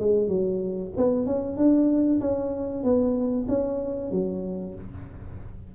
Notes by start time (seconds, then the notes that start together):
0.00 G#3
0.28 F#3
0.97 B3
1.26 C#4
1.57 D4
2.21 C#4
2.84 B3
3.49 C#4
4.11 F#3